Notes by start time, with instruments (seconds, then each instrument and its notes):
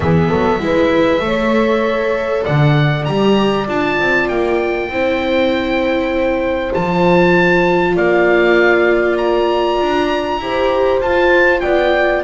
0.00 double bass E3, viola B3, horn G#4, oboe E5
0.29 double bass F#3, horn A4
0.59 double bass G#3, viola E4, horn B4
1.20 double bass A3, viola A4, horn C#5
2.44 double bass D3, horn D5, oboe F#5
3.04 double bass G3, viola G4, oboe A#5
3.67 double bass D4, viola F4, oboe A5
3.99 double bass C4
4.28 double bass A#3, oboe G5
4.89 double bass C4, viola E4, horn C5
6.72 double bass F3, viola F4, oboe A5
7.95 double bass A#3, horn D5, oboe F5
9.17 oboe A#5
9.80 double bass D4
10.38 double bass E4, viola G4, horn C5
10.99 double bass F4, viola F4, oboe A5
11.60 double bass B3, horn D5, oboe G5